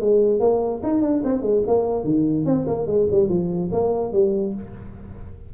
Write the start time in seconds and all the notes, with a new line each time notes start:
0.00 G#3
0.40 A#3
0.83 D#4
1.01 D4
1.24 C4
1.42 G#3
1.67 A#3
2.04 D#3
2.45 C4
2.67 A#3
2.86 G#3
3.11 G3
3.29 F3
3.72 A#3
4.12 G3